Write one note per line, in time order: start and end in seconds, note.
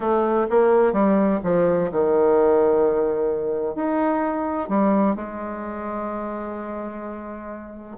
0.00 0.47 A3
0.50 0.92 A#3
0.92 1.39 G3
1.43 1.90 F3
1.91 3.75 D#3
3.75 4.69 D#4
4.69 5.15 G3
5.15 7.97 G#3